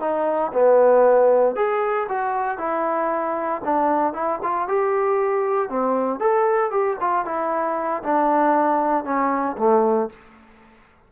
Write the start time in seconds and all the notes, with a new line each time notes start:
0.00 D#4
0.53 B3
1.56 G#4
2.09 F#4
2.58 E4
3.64 D4
4.14 E4
4.43 F4
4.68 G4
5.69 C4
6.20 A4
6.71 G4
7.01 F4
7.25 E4
8.03 D4
9.05 C#4
9.58 A3